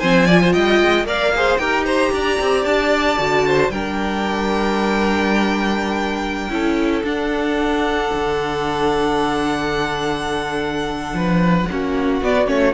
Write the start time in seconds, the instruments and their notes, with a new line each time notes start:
0.00 cello F3, viola C4, violin C5 G#5
0.26 viola F4, violin D5
0.43 violin C5
0.53 cello G3, violin D#5 G5
0.81 cello G#3
1.04 cello A#3, viola A#4, violin D5 F5
1.36 viola G#4, violin C5
1.58 cello D#4, viola G4, violin A#4 G5
1.86 violin C5 A#5
2.12 cello D4, violin D5
2.41 cello C4
2.65 cello D4, violin A5
3.18 cello D3, viola F#4
3.48 violin C5
3.70 cello G3, viola D4, violin A#4 G5
6.50 cello C#4, viola E4, violin A4
7.04 cello D4, viola D4, violin F#5
8.14 cello D3
11.14 cello F3, violin B4
11.70 cello A#3, viola C#4, violin F#4
12.22 cello B3, viola B3, violin D5
12.47 cello A3, viola C#4, violin C#5